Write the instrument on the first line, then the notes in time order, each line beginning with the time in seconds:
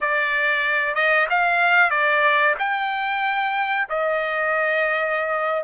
trumpet
0.00 D5
0.94 D#5
1.29 F5
1.90 D5
2.58 G5
3.89 D#5